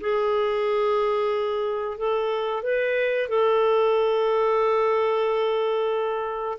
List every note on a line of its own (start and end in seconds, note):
0.00 1.97 G#4
1.97 2.63 A4
2.63 3.28 B4
3.28 6.58 A4